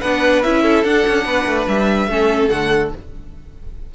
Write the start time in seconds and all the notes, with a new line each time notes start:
0.00 B3 D4 B4 F#5
0.43 C#4 E4 E5
0.62 A4
0.84 D4 F#5
1.07 C#4
1.25 B3 B4
1.46 A3
1.68 G3 E5
2.07 A3 C#4 A4
2.48 D3 A3 F#5